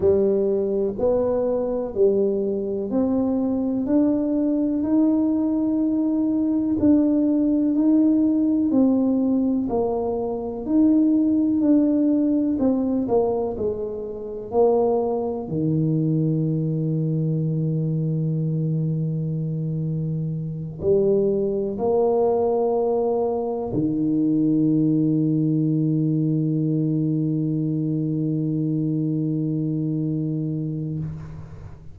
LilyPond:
\new Staff \with { instrumentName = "tuba" } { \time 4/4 \tempo 4 = 62 g4 b4 g4 c'4 | d'4 dis'2 d'4 | dis'4 c'4 ais4 dis'4 | d'4 c'8 ais8 gis4 ais4 |
dis1~ | dis4. g4 ais4.~ | ais8 dis2.~ dis8~ | dis1 | }